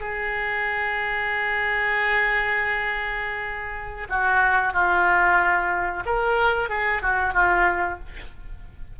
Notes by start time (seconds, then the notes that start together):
0.00 G#4
4.09 F#4
4.73 F4
6.05 A#4
6.69 G#4
7.02 F#4
7.33 F4